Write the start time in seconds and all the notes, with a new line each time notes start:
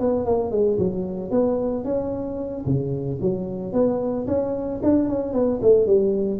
0.00 B3
0.26 A#3
0.52 G#3
0.79 F#3
1.31 B3
1.85 C#4
2.66 C#3
3.21 F#3
3.73 B3
4.27 C#4
4.83 D4
5.09 C#4
5.34 B3
5.62 A3
5.87 G3